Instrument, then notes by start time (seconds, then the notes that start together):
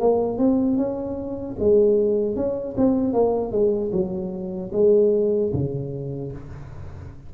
tuba
0.00 A#3
0.38 C4
0.77 C#4
1.59 G#3
2.36 C#4
2.77 C4
3.13 A#3
3.52 G#3
3.92 F#3
4.73 G#3
5.53 C#3